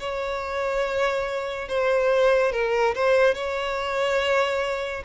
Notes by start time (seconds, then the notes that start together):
0.00 C#5
1.68 C5
2.52 A#4
2.95 C5
3.35 C#5